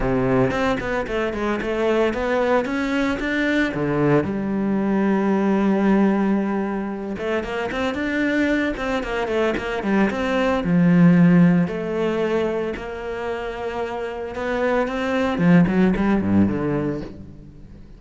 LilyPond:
\new Staff \with { instrumentName = "cello" } { \time 4/4 \tempo 4 = 113 c4 c'8 b8 a8 gis8 a4 | b4 cis'4 d'4 d4 | g1~ | g4. a8 ais8 c'8 d'4~ |
d'8 c'8 ais8 a8 ais8 g8 c'4 | f2 a2 | ais2. b4 | c'4 f8 fis8 g8 g,8 d4 | }